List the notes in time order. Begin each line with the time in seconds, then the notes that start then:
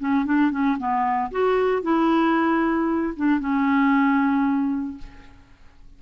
0.00 C#4
0.25 D4
0.52 C#4
0.79 B3
1.32 F#4
1.83 E4
3.17 D4
3.40 C#4